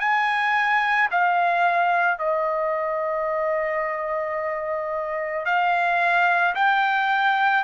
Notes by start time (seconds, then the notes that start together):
0.00 G#5
1.12 F5
2.19 D#5
5.46 F5
6.56 G5